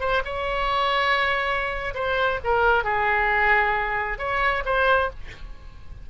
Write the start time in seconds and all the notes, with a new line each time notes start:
0.00 C5
0.25 C#5
1.94 C5
2.44 A#4
2.84 G#4
4.19 C#5
4.65 C5